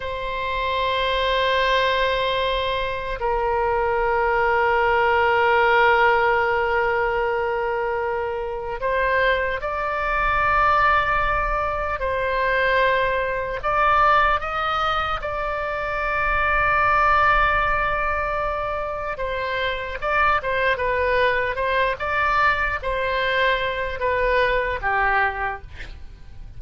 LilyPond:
\new Staff \with { instrumentName = "oboe" } { \time 4/4 \tempo 4 = 75 c''1 | ais'1~ | ais'2. c''4 | d''2. c''4~ |
c''4 d''4 dis''4 d''4~ | d''1 | c''4 d''8 c''8 b'4 c''8 d''8~ | d''8 c''4. b'4 g'4 | }